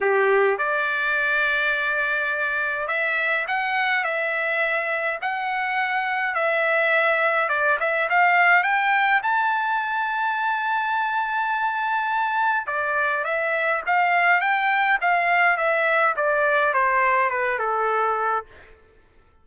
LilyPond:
\new Staff \with { instrumentName = "trumpet" } { \time 4/4 \tempo 4 = 104 g'4 d''2.~ | d''4 e''4 fis''4 e''4~ | e''4 fis''2 e''4~ | e''4 d''8 e''8 f''4 g''4 |
a''1~ | a''2 d''4 e''4 | f''4 g''4 f''4 e''4 | d''4 c''4 b'8 a'4. | }